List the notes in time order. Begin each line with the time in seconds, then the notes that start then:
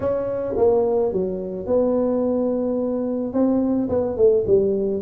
0.00 C#4
0.57 A#3
1.12 F#3
1.66 B3
3.33 C4
3.89 B3
4.16 A3
4.46 G3